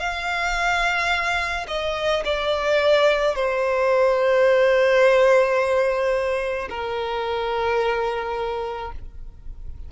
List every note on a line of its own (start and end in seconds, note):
0.00 1.67 F5
1.68 2.24 D#5
2.25 3.35 D5
3.35 6.69 C5
6.70 8.92 A#4